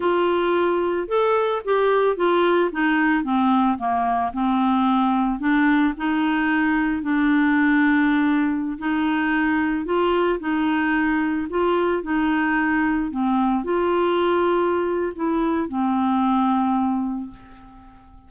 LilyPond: \new Staff \with { instrumentName = "clarinet" } { \time 4/4 \tempo 4 = 111 f'2 a'4 g'4 | f'4 dis'4 c'4 ais4 | c'2 d'4 dis'4~ | dis'4 d'2.~ |
d'16 dis'2 f'4 dis'8.~ | dis'4~ dis'16 f'4 dis'4.~ dis'16~ | dis'16 c'4 f'2~ f'8. | e'4 c'2. | }